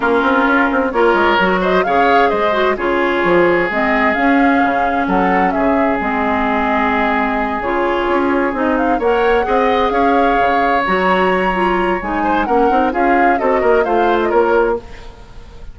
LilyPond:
<<
  \new Staff \with { instrumentName = "flute" } { \time 4/4 \tempo 4 = 130 ais'2 cis''4. dis''8 | f''4 dis''4 cis''2 | dis''4 f''2 fis''4 | e''4 dis''2.~ |
dis''8 cis''2 dis''8 f''8 fis''8~ | fis''4. f''2 ais''8~ | ais''2 gis''4 fis''4 | f''4 dis''4 f''8. dis''16 cis''4 | }
  \new Staff \with { instrumentName = "oboe" } { \time 4/4 f'2 ais'4. c''8 | cis''4 c''4 gis'2~ | gis'2. a'4 | gis'1~ |
gis'2.~ gis'8 cis''8~ | cis''8 dis''4 cis''2~ cis''8~ | cis''2~ cis''8 c''8 ais'4 | gis'4 a'8 ais'8 c''4 ais'4 | }
  \new Staff \with { instrumentName = "clarinet" } { \time 4/4 cis'2 f'4 fis'4 | gis'4. fis'8 f'2 | c'4 cis'2.~ | cis'4 c'2.~ |
c'8 f'2 dis'4 ais'8~ | ais'8 gis'2. fis'8~ | fis'4 f'4 dis'4 cis'8 dis'8 | f'4 fis'4 f'2 | }
  \new Staff \with { instrumentName = "bassoon" } { \time 4/4 ais8 c'8 cis'8 c'8 ais8 gis8 fis4 | cis4 gis4 cis4 f4 | gis4 cis'4 cis4 fis4 | cis4 gis2.~ |
gis8 cis4 cis'4 c'4 ais8~ | ais8 c'4 cis'4 cis4 fis8~ | fis2 gis4 ais8 c'8 | cis'4 c'8 ais8 a4 ais4 | }
>>